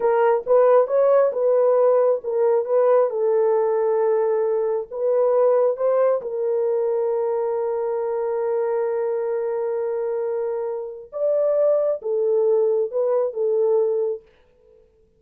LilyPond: \new Staff \with { instrumentName = "horn" } { \time 4/4 \tempo 4 = 135 ais'4 b'4 cis''4 b'4~ | b'4 ais'4 b'4 a'4~ | a'2. b'4~ | b'4 c''4 ais'2~ |
ais'1~ | ais'1~ | ais'4 d''2 a'4~ | a'4 b'4 a'2 | }